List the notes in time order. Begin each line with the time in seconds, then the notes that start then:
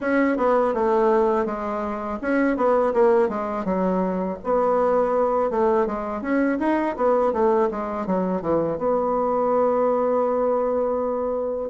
0.00 C#4
0.37 B3
0.74 A3
1.45 G#3
2.21 C#4
2.56 B3
2.93 A#3
3.28 G#3
3.64 F#3
4.44 B3
5.50 A3
5.86 G#3
6.21 C#4
6.59 D#4
6.96 B3
7.32 A3
7.70 G#3
8.06 F#3
8.41 E3
8.78 B3